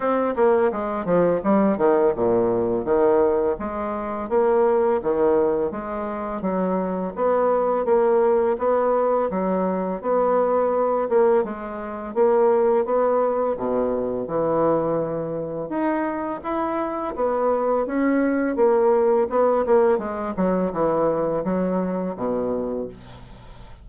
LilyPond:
\new Staff \with { instrumentName = "bassoon" } { \time 4/4 \tempo 4 = 84 c'8 ais8 gis8 f8 g8 dis8 ais,4 | dis4 gis4 ais4 dis4 | gis4 fis4 b4 ais4 | b4 fis4 b4. ais8 |
gis4 ais4 b4 b,4 | e2 dis'4 e'4 | b4 cis'4 ais4 b8 ais8 | gis8 fis8 e4 fis4 b,4 | }